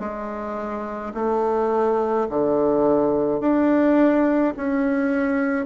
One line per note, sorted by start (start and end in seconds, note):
0.00 1.13 G#3
1.14 2.27 A3
2.30 3.41 D3
3.41 4.54 D4
4.57 5.66 C#4